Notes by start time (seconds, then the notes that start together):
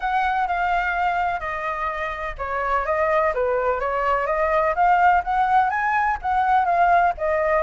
0.00 F#5
0.47 F5
1.40 D#5
2.37 C#5
2.85 D#5
3.34 B4
3.79 C#5
4.26 D#5
4.75 F5
5.23 F#5
5.70 G#5
6.21 F#5
6.65 F5
7.17 D#5